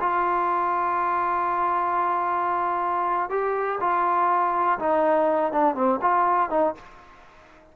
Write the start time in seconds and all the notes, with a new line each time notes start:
0.00 F4
3.30 G4
3.80 F4
4.79 D#4
5.53 D4
5.75 C4
6.02 F4
6.50 D#4